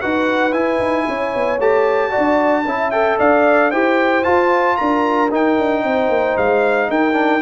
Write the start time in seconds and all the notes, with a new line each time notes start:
0.00 D#4 F#4 B4 F#5
0.52 E4 G#5
0.80 D#4
1.09 C#4 C#5
1.36 B3
1.59 A3 G4 A5
2.11 F#4 D5
2.18 D4
2.65 C#4 E4 E5
2.91 A4 G5
3.19 D4 D5 F5
3.71 E4 G4 C5 G5
4.24 F4 A5
4.77 D4 A#4 A#5
5.32 D#4 G5
5.59 D4
5.84 C4 C5
6.09 A#3
6.37 G#3 F5
6.89 D#4 A#4 G5
7.13 D4